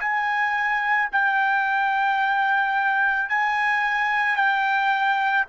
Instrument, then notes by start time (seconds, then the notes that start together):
trumpet
0.00 G#5
1.12 G5
3.29 G#5
4.36 G5